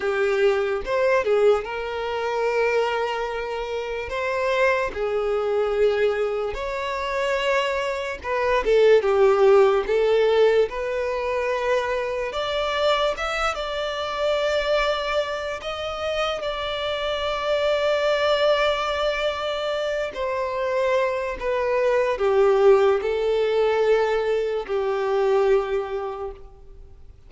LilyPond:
\new Staff \with { instrumentName = "violin" } { \time 4/4 \tempo 4 = 73 g'4 c''8 gis'8 ais'2~ | ais'4 c''4 gis'2 | cis''2 b'8 a'8 g'4 | a'4 b'2 d''4 |
e''8 d''2~ d''8 dis''4 | d''1~ | d''8 c''4. b'4 g'4 | a'2 g'2 | }